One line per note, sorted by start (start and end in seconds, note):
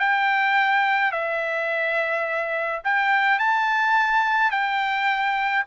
0.00 1.12 G5
1.12 2.82 E5
2.85 3.39 G5
3.39 4.51 A5
4.51 5.64 G5